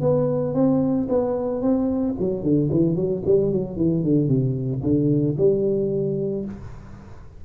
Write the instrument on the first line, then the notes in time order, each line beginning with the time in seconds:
tuba
0.00 B3
0.54 C4
1.09 B3
1.61 C4
2.19 F#3
2.42 D3
2.71 E3
2.95 F#3
3.25 G3
3.51 F#3
3.76 E3
4.03 D3
4.28 C3
4.82 D3
5.37 G3